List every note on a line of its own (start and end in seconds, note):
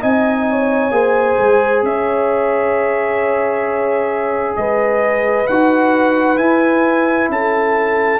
0.00 0.91 C4
0.00 0.91 D#4
0.00 0.45 D#5
0.00 1.84 G#5
0.49 0.94 C#5
0.91 1.36 A#3
0.91 5.45 G#4
0.91 1.85 C5
1.38 1.82 G#3
1.82 4.55 C#4
1.82 4.58 C#5
1.82 4.56 E5
4.56 5.48 G#3
4.56 7.31 B4
4.56 5.47 D#5
5.47 6.37 D#4
5.47 6.37 F#4
5.47 6.37 F#5
6.37 8.18 E4
6.37 7.28 E4
6.37 7.28 G#5
7.28 8.19 C#4
7.28 8.20 A4
7.28 8.20 A5